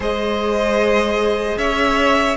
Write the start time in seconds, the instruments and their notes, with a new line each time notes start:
0.00 cello G#3, viola G#4, violin C5 D#5
1.57 cello C#4, violin C#5 E5